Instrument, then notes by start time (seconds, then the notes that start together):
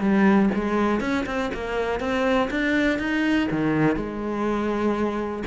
cello
0.00 G3
0.54 G#3
1.00 C#4
1.26 C4
1.54 A#3
2.00 C4
2.50 D4
2.99 D#4
3.51 D#3
3.95 G#3